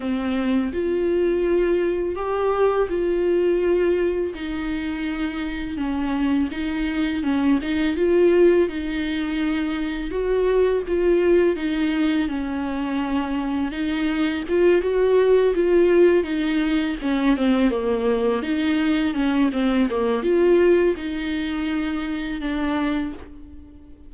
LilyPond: \new Staff \with { instrumentName = "viola" } { \time 4/4 \tempo 4 = 83 c'4 f'2 g'4 | f'2 dis'2 | cis'4 dis'4 cis'8 dis'8 f'4 | dis'2 fis'4 f'4 |
dis'4 cis'2 dis'4 | f'8 fis'4 f'4 dis'4 cis'8 | c'8 ais4 dis'4 cis'8 c'8 ais8 | f'4 dis'2 d'4 | }